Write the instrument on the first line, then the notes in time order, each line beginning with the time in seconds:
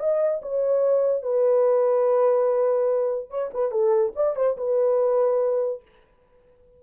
horn
0.00 D#5
0.42 C#5
1.23 B4
3.30 C#5
3.54 B4
3.72 A4
4.16 D5
4.37 C5
4.58 B4